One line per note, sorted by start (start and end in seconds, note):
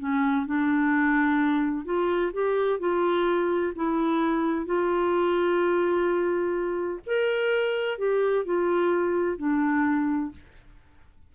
0.00 0.47 C#4
0.47 1.85 D4
1.85 2.32 F4
2.34 2.80 G4
2.80 3.74 F4
3.76 4.66 E4
4.66 7.01 F4
7.07 7.99 A#4
7.99 8.45 G4
8.45 9.38 F4
9.38 10.32 D4